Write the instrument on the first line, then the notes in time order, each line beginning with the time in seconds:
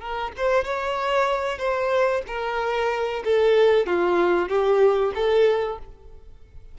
violin
0.00 A#4
0.37 C5
0.64 C#5
1.58 C5
2.27 A#4
3.24 A4
3.86 F4
4.49 G4
5.15 A4